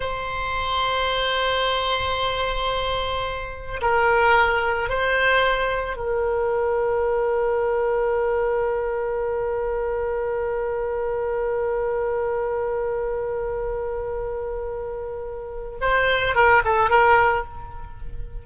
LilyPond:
\new Staff \with { instrumentName = "oboe" } { \time 4/4 \tempo 4 = 110 c''1~ | c''2. ais'4~ | ais'4 c''2 ais'4~ | ais'1~ |
ais'1~ | ais'1~ | ais'1~ | ais'4 c''4 ais'8 a'8 ais'4 | }